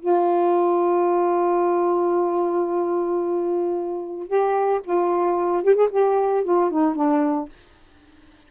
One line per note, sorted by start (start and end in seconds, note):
0.00 4.28 F4
4.28 4.81 G4
4.85 5.64 F4
5.64 5.76 G4
5.76 5.89 G#4
5.91 6.45 G4
6.45 6.71 F4
6.71 6.96 D#4
6.96 7.49 D4